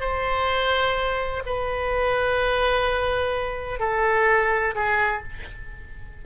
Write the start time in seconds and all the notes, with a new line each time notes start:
0.00 C5
1.45 B4
3.79 A4
4.74 G#4